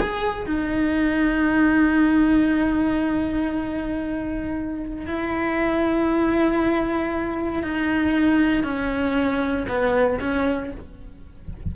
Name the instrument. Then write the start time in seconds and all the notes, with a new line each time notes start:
cello
0.00 G#4
0.46 D#4
5.07 E4
7.63 D#4
8.64 C#4
9.69 B3
10.21 C#4